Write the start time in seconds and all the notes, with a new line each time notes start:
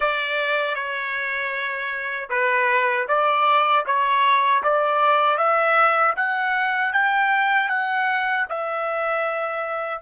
0.00 D5
0.75 C#5
2.29 B4
3.08 D5
3.85 C#5
4.63 D5
5.37 E5
6.15 F#5
6.92 G5
7.69 F#5
8.49 E5